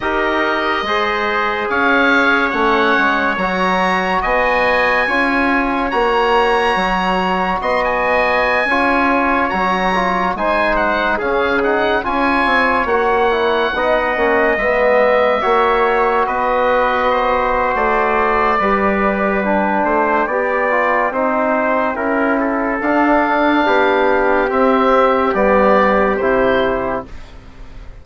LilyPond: <<
  \new Staff \with { instrumentName = "oboe" } { \time 4/4 \tempo 4 = 71 dis''2 f''4 fis''4 | ais''4 gis''2 ais''4~ | ais''4 c'''16 gis''2 ais''8.~ | ais''16 gis''8 fis''8 f''8 fis''8 gis''4 fis''8.~ |
fis''4~ fis''16 e''2 dis''8.~ | dis''4 d''2 g''4~ | g''2. f''4~ | f''4 e''4 d''4 c''4 | }
  \new Staff \with { instrumentName = "trumpet" } { \time 4/4 ais'4 c''4 cis''2~ | cis''4 dis''4 cis''2~ | cis''4 dis''4~ dis''16 cis''4.~ cis''16~ | cis''16 c''4 gis'4 cis''4.~ cis''16~ |
cis''16 dis''2 cis''4 b'8.~ | b'16 c''4.~ c''16 b'4. c''8 | d''4 c''4 ais'8 a'4. | g'1 | }
  \new Staff \with { instrumentName = "trombone" } { \time 4/4 g'4 gis'2 cis'4 | fis'2 f'4 fis'4~ | fis'2~ fis'16 f'4 fis'8 f'16~ | f'16 dis'4 cis'8 dis'8 f'4 fis'8 e'16~ |
e'16 dis'8 cis'8 b4 fis'4.~ fis'16~ | fis'2 g'4 d'4 | g'8 f'8 dis'4 e'4 d'4~ | d'4 c'4 b4 e'4 | }
  \new Staff \with { instrumentName = "bassoon" } { \time 4/4 dis'4 gis4 cis'4 a8 gis8 | fis4 b4 cis'4 ais4 | fis4 b4~ b16 cis'4 fis8.~ | fis16 gis4 cis4 cis'8 c'8 ais8.~ |
ais16 b8 ais8 gis4 ais4 b8.~ | b4 a4 g4. a8 | b4 c'4 cis'4 d'4 | b4 c'4 g4 c4 | }
>>